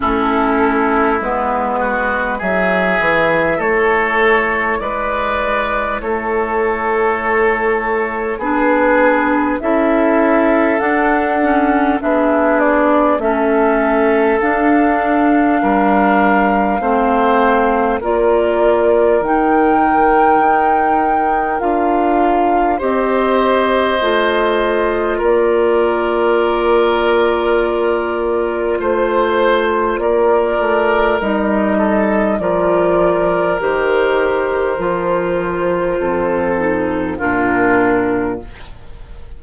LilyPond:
<<
  \new Staff \with { instrumentName = "flute" } { \time 4/4 \tempo 4 = 50 a'4 b'4 e''4 cis''4 | d''4 cis''2 b'4 | e''4 fis''4 e''8 d''8 e''4 | f''2. d''4 |
g''2 f''4 dis''4~ | dis''4 d''2. | c''4 d''4 dis''4 d''4 | c''2. ais'4 | }
  \new Staff \with { instrumentName = "oboe" } { \time 4/4 e'4. fis'8 gis'4 a'4 | b'4 a'2 gis'4 | a'2 gis'4 a'4~ | a'4 ais'4 c''4 ais'4~ |
ais'2. c''4~ | c''4 ais'2. | c''4 ais'4. a'8 ais'4~ | ais'2 a'4 f'4 | }
  \new Staff \with { instrumentName = "clarinet" } { \time 4/4 cis'4 b4 e'2~ | e'2. d'4 | e'4 d'8 cis'8 d'4 cis'4 | d'2 c'4 f'4 |
dis'2 f'4 g'4 | f'1~ | f'2 dis'4 f'4 | g'4 f'4. dis'8 d'4 | }
  \new Staff \with { instrumentName = "bassoon" } { \time 4/4 a4 gis4 fis8 e8 a4 | gis4 a2 b4 | cis'4 d'4 b4 a4 | d'4 g4 a4 ais4 |
dis4 dis'4 d'4 c'4 | a4 ais2. | a4 ais8 a8 g4 f4 | dis4 f4 f,4 ais,4 | }
>>